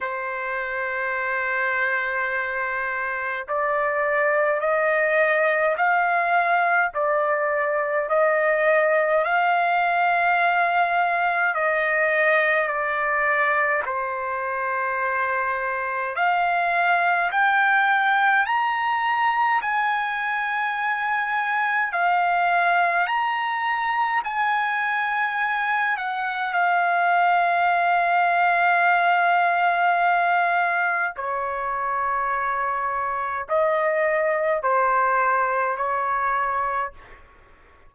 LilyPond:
\new Staff \with { instrumentName = "trumpet" } { \time 4/4 \tempo 4 = 52 c''2. d''4 | dis''4 f''4 d''4 dis''4 | f''2 dis''4 d''4 | c''2 f''4 g''4 |
ais''4 gis''2 f''4 | ais''4 gis''4. fis''8 f''4~ | f''2. cis''4~ | cis''4 dis''4 c''4 cis''4 | }